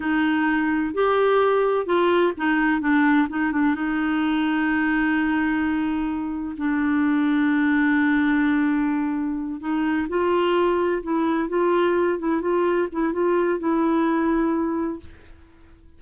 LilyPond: \new Staff \with { instrumentName = "clarinet" } { \time 4/4 \tempo 4 = 128 dis'2 g'2 | f'4 dis'4 d'4 dis'8 d'8 | dis'1~ | dis'2 d'2~ |
d'1~ | d'8 dis'4 f'2 e'8~ | e'8 f'4. e'8 f'4 e'8 | f'4 e'2. | }